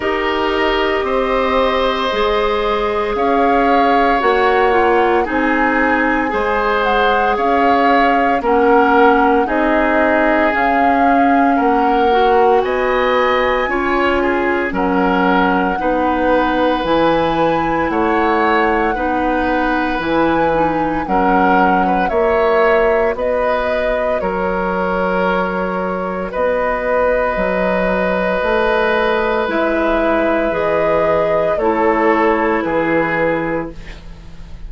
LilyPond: <<
  \new Staff \with { instrumentName = "flute" } { \time 4/4 \tempo 4 = 57 dis''2. f''4 | fis''4 gis''4. fis''8 f''4 | fis''4 dis''4 f''4 fis''4 | gis''2 fis''2 |
gis''4 fis''2 gis''4 | fis''4 e''4 dis''4 cis''4~ | cis''4 dis''2. | e''4 dis''4 cis''4 b'4 | }
  \new Staff \with { instrumentName = "oboe" } { \time 4/4 ais'4 c''2 cis''4~ | cis''4 gis'4 c''4 cis''4 | ais'4 gis'2 ais'4 | dis''4 cis''8 gis'8 ais'4 b'4~ |
b'4 cis''4 b'2 | ais'8. b'16 cis''4 b'4 ais'4~ | ais'4 b'2.~ | b'2 a'4 gis'4 | }
  \new Staff \with { instrumentName = "clarinet" } { \time 4/4 g'2 gis'2 | fis'8 f'8 dis'4 gis'2 | cis'4 dis'4 cis'4. fis'8~ | fis'4 f'4 cis'4 dis'4 |
e'2 dis'4 e'8 dis'8 | cis'4 fis'2.~ | fis'1 | e'4 gis'4 e'2 | }
  \new Staff \with { instrumentName = "bassoon" } { \time 4/4 dis'4 c'4 gis4 cis'4 | ais4 c'4 gis4 cis'4 | ais4 c'4 cis'4 ais4 | b4 cis'4 fis4 b4 |
e4 a4 b4 e4 | fis4 ais4 b4 fis4~ | fis4 b4 fis4 a4 | gis4 e4 a4 e4 | }
>>